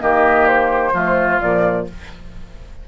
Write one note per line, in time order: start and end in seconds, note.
0.00 0.93 D#3
0.00 0.93 A#3
0.00 0.93 G4
0.00 0.47 D#5
0.47 1.40 C5
0.93 1.40 F3
0.93 1.41 A3
0.93 1.86 F4
1.40 1.88 A#2
1.40 1.88 F3
1.40 1.87 D5